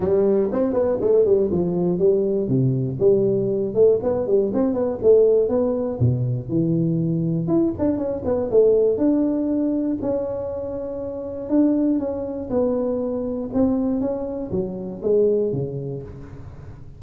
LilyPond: \new Staff \with { instrumentName = "tuba" } { \time 4/4 \tempo 4 = 120 g4 c'8 b8 a8 g8 f4 | g4 c4 g4. a8 | b8 g8 c'8 b8 a4 b4 | b,4 e2 e'8 d'8 |
cis'8 b8 a4 d'2 | cis'2. d'4 | cis'4 b2 c'4 | cis'4 fis4 gis4 cis4 | }